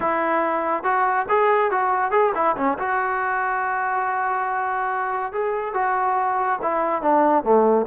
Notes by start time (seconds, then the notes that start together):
0.00 E4
0.83 F#4
1.29 G#4
1.71 F#4
2.11 G#4
2.34 E4
2.56 C#4
2.78 F#4
5.32 G#4
5.73 F#4
6.62 E4
7.02 D4
7.43 A3